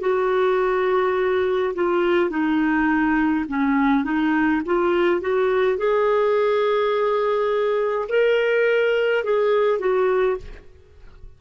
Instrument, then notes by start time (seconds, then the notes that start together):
clarinet
0.00 F#4
1.74 F4
2.30 D#4
3.48 C#4
4.04 D#4
4.65 F4
5.21 F#4
5.77 G#4
8.08 A#4
9.24 G#4
9.79 F#4